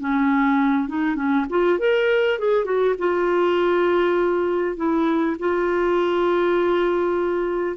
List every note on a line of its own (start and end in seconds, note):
0.00 0.88 C#4
0.88 1.16 D#4
1.16 1.46 C#4
1.49 1.79 F4
1.79 2.39 A#4
2.39 2.65 G#4
2.65 2.95 F#4
2.98 4.76 F4
4.76 5.36 E4
5.39 7.76 F4